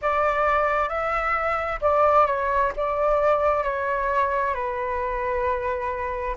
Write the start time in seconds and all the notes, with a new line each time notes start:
0.01 D5
0.88 E5
1.81 D5
2.26 C#5
2.76 D5
3.63 C#5
4.54 B4